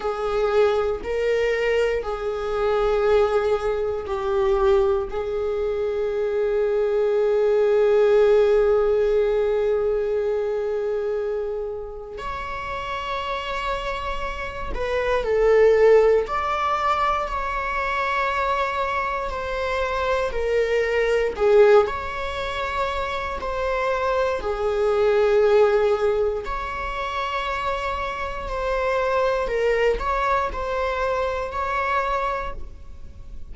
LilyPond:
\new Staff \with { instrumentName = "viola" } { \time 4/4 \tempo 4 = 59 gis'4 ais'4 gis'2 | g'4 gis'2.~ | gis'1 | cis''2~ cis''8 b'8 a'4 |
d''4 cis''2 c''4 | ais'4 gis'8 cis''4. c''4 | gis'2 cis''2 | c''4 ais'8 cis''8 c''4 cis''4 | }